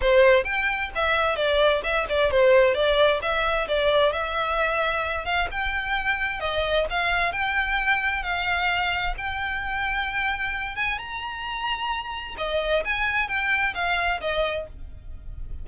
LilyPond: \new Staff \with { instrumentName = "violin" } { \time 4/4 \tempo 4 = 131 c''4 g''4 e''4 d''4 | e''8 d''8 c''4 d''4 e''4 | d''4 e''2~ e''8 f''8 | g''2 dis''4 f''4 |
g''2 f''2 | g''2.~ g''8 gis''8 | ais''2. dis''4 | gis''4 g''4 f''4 dis''4 | }